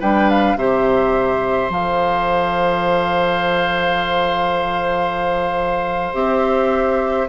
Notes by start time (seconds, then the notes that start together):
0.00 G3 D4 B4 G5
0.30 F5
0.56 C3 G4 C5 E5
1.70 F3 A4 F5
6.13 C4 G4 E5